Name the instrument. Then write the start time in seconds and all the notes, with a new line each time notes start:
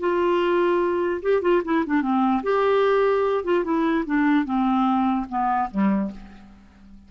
clarinet
0.00 F4
1.23 G4
1.42 F4
1.65 E4
1.87 D4
2.02 C4
2.43 G4
3.44 F4
3.64 E4
4.06 D4
4.45 C4
5.29 B3
5.71 G3